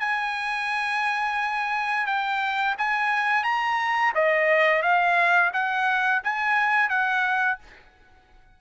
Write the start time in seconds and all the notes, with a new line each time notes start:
0.00 G#5
2.07 G5
2.78 G#5
3.44 A#5
4.15 D#5
4.82 F5
5.53 F#5
6.24 G#5
6.90 F#5